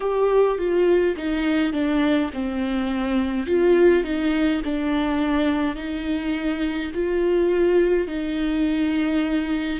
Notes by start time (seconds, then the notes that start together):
0.00 G4
0.58 F4
1.16 D#4
1.73 D4
2.33 C4
3.46 F4
4.03 D#4
4.64 D4
5.75 D#4
6.94 F4
8.07 D#4